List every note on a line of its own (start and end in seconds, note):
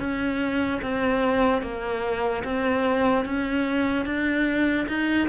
0.00 0.81 C#4
0.82 1.63 C4
1.63 2.44 A#3
2.44 3.25 C4
3.25 4.06 C#4
4.06 4.87 D4
4.88 5.29 D#4